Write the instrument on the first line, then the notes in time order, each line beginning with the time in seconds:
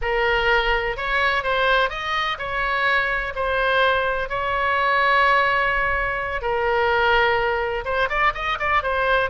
oboe
0.01 A#4
0.97 C#5
1.43 C5
1.89 D#5
2.38 C#5
3.35 C5
4.29 C#5
6.41 A#4
7.84 C5
8.09 D5
8.34 D#5
8.59 D5
8.82 C5